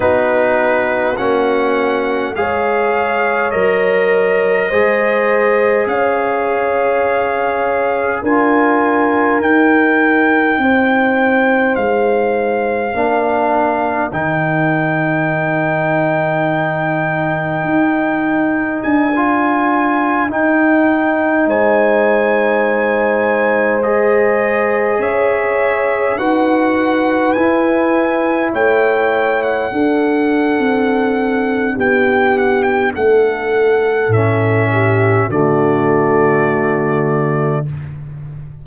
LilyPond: <<
  \new Staff \with { instrumentName = "trumpet" } { \time 4/4 \tempo 4 = 51 b'4 fis''4 f''4 dis''4~ | dis''4 f''2 gis''4 | g''2 f''2 | g''1 |
gis''4~ gis''16 g''4 gis''4.~ gis''16~ | gis''16 dis''4 e''4 fis''4 gis''8.~ | gis''16 g''8. fis''2 g''8 fis''16 g''16 | fis''4 e''4 d''2 | }
  \new Staff \with { instrumentName = "horn" } { \time 4/4 fis'2 cis''2 | c''4 cis''2 ais'4~ | ais'4 c''2 ais'4~ | ais'1~ |
ais'2~ ais'16 c''4.~ c''16~ | c''4~ c''16 cis''4 b'4.~ b'16~ | b'16 cis''4 a'4.~ a'16 g'4 | a'4. g'8 fis'2 | }
  \new Staff \with { instrumentName = "trombone" } { \time 4/4 dis'4 cis'4 gis'4 ais'4 | gis'2. f'4 | dis'2. d'4 | dis'1~ |
dis'16 f'4 dis'2~ dis'8.~ | dis'16 gis'2 fis'4 e'8.~ | e'4~ e'16 d'2~ d'8.~ | d'4 cis'4 a2 | }
  \new Staff \with { instrumentName = "tuba" } { \time 4/4 b4 ais4 gis4 fis4 | gis4 cis'2 d'4 | dis'4 c'4 gis4 ais4 | dis2. dis'4 |
d'4~ d'16 dis'4 gis4.~ gis16~ | gis4~ gis16 cis'4 dis'4 e'8.~ | e'16 a4 d'8. c'4 b4 | a4 a,4 d2 | }
>>